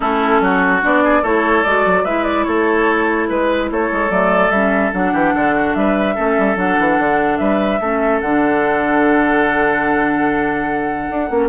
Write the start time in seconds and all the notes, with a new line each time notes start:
0.00 A3 C#4 E4 A4
0.40 F#3 F#4
0.81 B3 D4 D5
1.03 G#4
1.22 A3 E4 A4 C#5
1.63 G#3 F#4 D5
1.85 F#3
2.04 G#3 E4 B4 E5
2.24 D5
2.43 A3 A4 C#5
3.28 G#3 B4
3.70 A3 A4 C#5
3.91 G#3
4.09 F#3 A3 D5
4.50 G3 C#4 E5
4.92 F#3 D4 F#5
5.13 E3 G4
5.34 D3 A4
5.55 F#4
5.74 G3 B4 E5
6.14 A3 C#4 A4
6.38 G3
6.56 F#3 D4 F#5
6.79 E3
6.98 D3
7.37 G3 B4 E5
7.80 A3 C#4 A4
8.20 D3 D4 F#5
11.10 D4
11.28 A#3 C#4